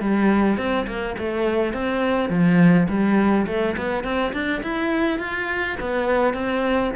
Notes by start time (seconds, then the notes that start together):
0.00 G3
0.57 C4
0.87 A#3
1.18 A3
1.73 C4
2.29 F3
2.88 G3
3.47 A3
3.77 B3
4.04 C4
4.33 D4
4.63 E4
5.19 F4
5.80 B3
6.34 C4